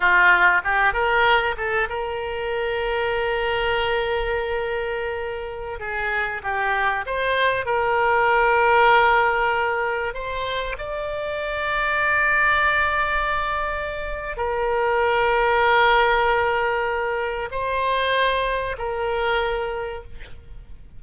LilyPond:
\new Staff \with { instrumentName = "oboe" } { \time 4/4 \tempo 4 = 96 f'4 g'8 ais'4 a'8 ais'4~ | ais'1~ | ais'4~ ais'16 gis'4 g'4 c''8.~ | c''16 ais'2.~ ais'8.~ |
ais'16 c''4 d''2~ d''8.~ | d''2. ais'4~ | ais'1 | c''2 ais'2 | }